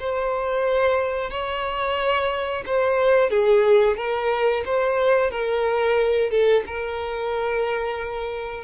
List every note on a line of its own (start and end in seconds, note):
0.00 1.31 C5
1.31 2.64 C#5
2.67 3.31 C5
3.31 3.97 G#4
3.97 4.64 A#4
4.66 5.31 C5
5.31 6.31 A#4
6.31 6.64 A4
6.67 8.64 A#4